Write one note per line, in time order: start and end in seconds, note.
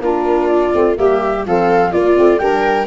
0.00 0.71 A#3
0.00 0.73 D4
0.00 0.99 F4
0.00 0.47 A#4
0.47 0.95 D5
0.73 0.98 A3
0.73 0.95 C4
0.95 1.46 G3
0.95 1.42 A#3
0.95 1.46 G4
0.95 1.45 E5
1.45 1.93 F3
1.45 1.93 C4
1.45 1.91 A4
1.45 1.92 F5
1.91 2.16 A#3
1.91 2.18 A#3
1.91 2.39 F4
1.91 2.39 D5
2.16 2.40 A3
2.16 2.39 C4
2.39 2.87 G3
2.39 2.87 D4
2.39 2.87 A#4
2.39 2.86 G5